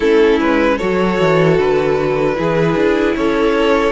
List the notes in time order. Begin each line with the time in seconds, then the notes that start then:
0.00 A3 C#4 E4 A4
0.40 G#3 B4
0.77 F#3 F#4 A4 C#5
1.19 E3
1.59 D3 B4
2.35 E3 E4 G#4
2.75 D4
3.15 C#4 A4 C#5